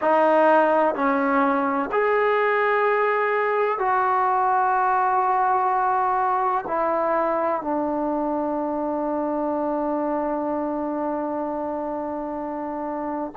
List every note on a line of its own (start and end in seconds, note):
0.01 0.94 D#4
0.94 1.90 C#4
1.91 3.78 G#4
3.78 6.64 F#4
6.67 7.61 E4
7.61 13.32 D4